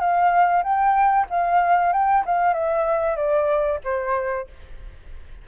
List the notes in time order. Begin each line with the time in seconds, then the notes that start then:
0.00 F5
0.64 G5
1.30 F5
1.93 G5
2.26 F5
2.53 E5
3.16 D5
3.84 C5